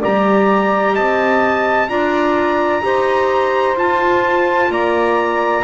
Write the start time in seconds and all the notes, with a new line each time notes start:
0.00 G3 G4 D5 A#5
0.95 C4 D#5 A5
1.89 D4 F4 D5 A#5
2.83 D#4 G4 C5
3.75 F4 A5
4.70 A#3 D5 A#5